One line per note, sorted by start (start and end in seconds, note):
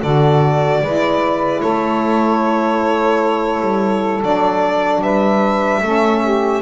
0.00 0.81 D3
0.00 0.83 F#4
0.00 0.80 A4
0.00 1.61 D5
0.81 1.61 G#3
0.81 4.23 E4
0.81 1.61 B4
1.61 3.61 A3
1.61 5.01 A4
1.61 4.21 C#5
3.61 4.21 G3
4.23 5.02 F#3
4.23 5.83 D4
4.23 5.03 D5
5.02 5.82 G3
5.02 5.82 B4
5.02 6.62 E5
5.83 6.62 A3
5.83 6.62 C#4
5.83 6.23 A4
6.23 6.62 G4